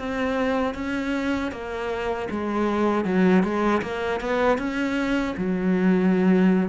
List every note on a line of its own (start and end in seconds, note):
0.00 0.75 C4
0.75 1.52 C#4
1.52 2.29 A#3
2.31 3.05 G#3
3.05 3.44 F#3
3.44 3.82 G#3
3.83 4.21 A#3
4.21 4.58 B3
4.58 5.35 C#4
5.38 6.70 F#3